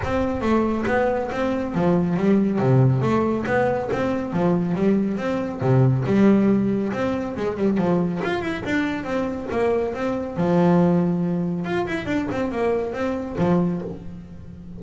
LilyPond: \new Staff \with { instrumentName = "double bass" } { \time 4/4 \tempo 4 = 139 c'4 a4 b4 c'4 | f4 g4 c4 a4 | b4 c'4 f4 g4 | c'4 c4 g2 |
c'4 gis8 g8 f4 f'8 e'8 | d'4 c'4 ais4 c'4 | f2. f'8 e'8 | d'8 c'8 ais4 c'4 f4 | }